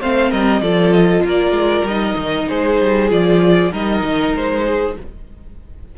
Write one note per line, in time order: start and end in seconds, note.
0.00 0.32 A3
0.00 0.63 C4
0.00 0.30 C5
0.00 0.31 F5
0.30 0.61 G3
0.30 0.61 A#4
0.30 0.62 D#5
0.61 1.23 F3
0.61 1.86 F4
0.61 1.24 A4
0.61 0.92 D5
0.92 1.23 D#5
1.24 1.51 A#3
1.24 2.48 A#4
1.24 1.87 D5
1.51 1.82 G#3
1.83 2.14 G3
1.83 2.49 D#5
1.90 3.09 D#4
2.16 2.47 D#3
2.48 2.81 G#3
2.48 3.72 G#4
2.48 3.11 C5
2.81 3.11 G3
3.09 3.72 F3
3.09 3.71 F4
3.09 3.73 D5
3.72 4.03 G3
3.72 4.96 D#4
3.72 4.64 A#4
3.72 4.35 D#5
4.04 4.35 D#3
4.35 4.97 G#3
4.35 4.97 C5
4.64 4.95 G#4